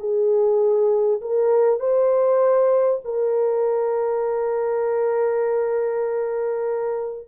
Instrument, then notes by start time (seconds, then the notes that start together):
horn
0.00 G#4
1.21 A#4
1.80 C5
3.05 A#4